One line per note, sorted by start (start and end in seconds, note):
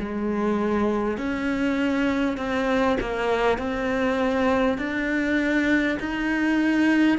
0.00 1.18 G#3
1.18 2.38 C#4
2.38 2.98 C4
3.01 3.59 A#3
3.59 4.79 C4
4.79 5.99 D4
6.00 7.19 D#4